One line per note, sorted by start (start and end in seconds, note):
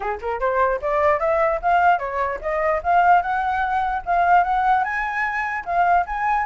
0.00 0.18 G#4
0.21 0.40 A#4
0.40 0.80 C5
0.81 1.19 D5
1.19 1.60 E5
1.61 1.99 F5
1.99 2.39 C#5
2.41 2.81 D#5
2.83 3.22 F5
3.22 4.02 F#5
4.05 4.43 F5
4.43 4.84 F#5
4.84 5.64 G#5
5.65 6.05 F5
6.06 6.46 G#5